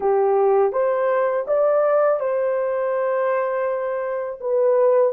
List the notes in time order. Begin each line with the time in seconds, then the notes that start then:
0.00 G4
0.72 C5
1.47 D5
2.20 C5
4.40 B4